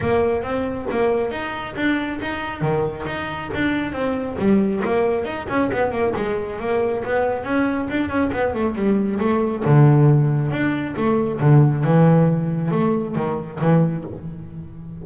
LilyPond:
\new Staff \with { instrumentName = "double bass" } { \time 4/4 \tempo 4 = 137 ais4 c'4 ais4 dis'4 | d'4 dis'4 dis4 dis'4 | d'4 c'4 g4 ais4 | dis'8 cis'8 b8 ais8 gis4 ais4 |
b4 cis'4 d'8 cis'8 b8 a8 | g4 a4 d2 | d'4 a4 d4 e4~ | e4 a4 dis4 e4 | }